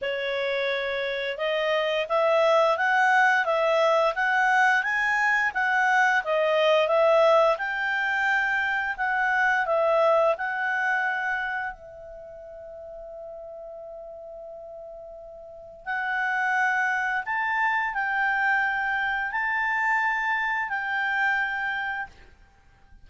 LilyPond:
\new Staff \with { instrumentName = "clarinet" } { \time 4/4 \tempo 4 = 87 cis''2 dis''4 e''4 | fis''4 e''4 fis''4 gis''4 | fis''4 dis''4 e''4 g''4~ | g''4 fis''4 e''4 fis''4~ |
fis''4 e''2.~ | e''2. fis''4~ | fis''4 a''4 g''2 | a''2 g''2 | }